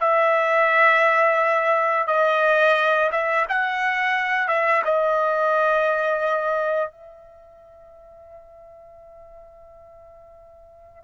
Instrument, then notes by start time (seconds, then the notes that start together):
trumpet
0.00 E5
2.07 D#5
3.11 E5
3.49 F#5
4.48 E5
4.84 D#5
6.91 E5